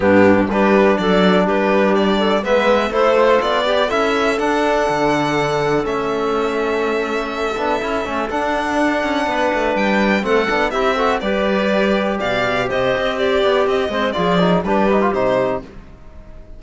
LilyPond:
<<
  \new Staff \with { instrumentName = "violin" } { \time 4/4 \tempo 4 = 123 g'4 b'4 d''4 b'4 | d''4 e''4 c''4 d''4 | e''4 fis''2. | e''1~ |
e''4 fis''2. | g''4 fis''4 e''4 d''4~ | d''4 f''4 dis''4 d''4 | dis''4 d''4 b'4 c''4 | }
  \new Staff \with { instrumentName = "clarinet" } { \time 4/4 d'4 g'4 a'4 g'4~ | g'8 a'8 b'4 a'4. g'8 | a'1~ | a'1~ |
a'2. b'4~ | b'4 a'4 g'8 a'8 b'4~ | b'4 d''4 c''4 g'4~ | g'8 c''8 gis'4 g'2 | }
  \new Staff \with { instrumentName = "trombone" } { \time 4/4 b4 d'2.~ | d'4 b4 e'8 f'4 g'8 | e'4 d'2. | cis'2.~ cis'8 d'8 |
e'8 cis'8 d'2.~ | d'4 c'8 d'8 e'8 fis'8 g'4~ | g'1~ | g'8 c'8 f'8 dis'8 d'8 dis'16 f'16 dis'4 | }
  \new Staff \with { instrumentName = "cello" } { \time 4/4 g,4 g4 fis4 g4~ | g4 gis4 a4 b4 | cis'4 d'4 d2 | a2.~ a8 b8 |
cis'8 a8 d'4. cis'8 b8 a8 | g4 a8 b8 c'4 g4~ | g4 b,4 c8 c'4 b8 | c'8 gis8 f4 g4 c4 | }
>>